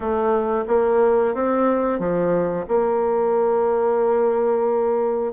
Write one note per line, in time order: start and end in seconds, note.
0.00 0.65 A3
0.67 1.34 A#3
1.34 1.98 C4
1.98 2.65 F3
2.68 5.32 A#3